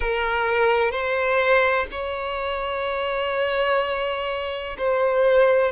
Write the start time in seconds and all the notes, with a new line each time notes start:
0.00 A#4
0.91 C5
1.91 C#5
4.78 C5